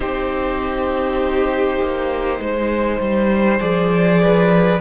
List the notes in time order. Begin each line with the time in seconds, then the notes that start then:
0.00 C4 D#4 G4 C5
1.81 A#3
2.39 G#3 C5
3.00 G3
3.59 F3 G#4 D5
4.22 B4